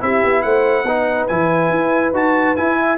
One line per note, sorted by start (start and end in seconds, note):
0.00 0.23 C4
0.00 0.85 E4
0.00 0.44 G4
0.00 0.42 E5
0.24 0.44 B3
0.42 0.84 A3
0.42 0.87 C5
0.42 1.27 F#5
0.84 1.26 B3
0.84 1.29 D#4
0.84 2.79 B4
1.27 1.70 E3
1.27 2.14 E4
1.27 2.12 G#5
1.70 2.12 E4
2.12 2.55 D#4
2.12 2.56 F#4
2.12 2.56 A5
2.56 2.98 E4
2.56 2.98 G#5
2.79 2.98 E5